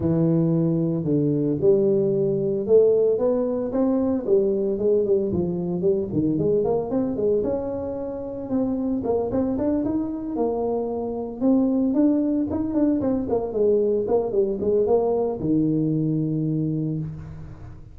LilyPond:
\new Staff \with { instrumentName = "tuba" } { \time 4/4 \tempo 4 = 113 e2 d4 g4~ | g4 a4 b4 c'4 | g4 gis8 g8 f4 g8 dis8 | gis8 ais8 c'8 gis8 cis'2 |
c'4 ais8 c'8 d'8 dis'4 ais8~ | ais4. c'4 d'4 dis'8 | d'8 c'8 ais8 gis4 ais8 g8 gis8 | ais4 dis2. | }